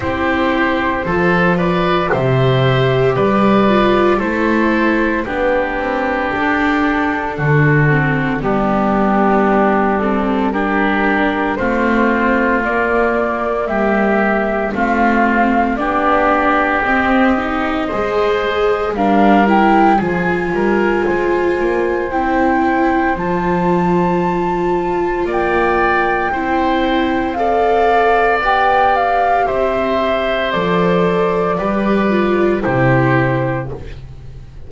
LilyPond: <<
  \new Staff \with { instrumentName = "flute" } { \time 4/4 \tempo 4 = 57 c''4. d''8 e''4 d''4 | c''4 b'4 a'2 | g'4. a'8 ais'4 c''4 | d''4 e''4 f''4 d''4 |
dis''2 f''8 g''8 gis''4~ | gis''4 g''4 a''2 | g''2 f''4 g''8 f''8 | e''4 d''2 c''4 | }
  \new Staff \with { instrumentName = "oboe" } { \time 4/4 g'4 a'8 b'8 c''4 b'4 | a'4 g'2 fis'4 | d'2 g'4 f'4~ | f'4 g'4 f'4 g'4~ |
g'4 c''4 ais'4 gis'8 ais'8 | c''1 | d''4 c''4 d''2 | c''2 b'4 g'4 | }
  \new Staff \with { instrumentName = "viola" } { \time 4/4 e'4 f'4 g'4. f'8 | e'4 d'2~ d'8 c'8 | b4. c'8 d'4 c'4 | ais2 c'4 d'4 |
c'8 dis'8 gis'4 d'8 e'8 f'4~ | f'4 e'4 f'2~ | f'4 e'4 a'4 g'4~ | g'4 a'4 g'8 f'8 e'4 | }
  \new Staff \with { instrumentName = "double bass" } { \time 4/4 c'4 f4 c4 g4 | a4 b8 c'8 d'4 d4 | g2. a4 | ais4 g4 a4 b4 |
c'4 gis4 g4 f8 g8 | gis8 ais8 c'4 f2 | ais4 c'2 b4 | c'4 f4 g4 c4 | }
>>